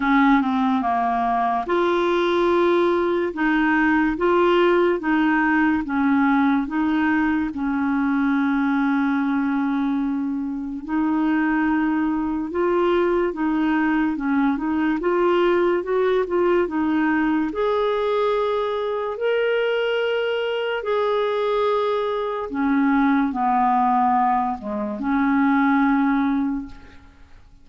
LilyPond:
\new Staff \with { instrumentName = "clarinet" } { \time 4/4 \tempo 4 = 72 cis'8 c'8 ais4 f'2 | dis'4 f'4 dis'4 cis'4 | dis'4 cis'2.~ | cis'4 dis'2 f'4 |
dis'4 cis'8 dis'8 f'4 fis'8 f'8 | dis'4 gis'2 ais'4~ | ais'4 gis'2 cis'4 | b4. gis8 cis'2 | }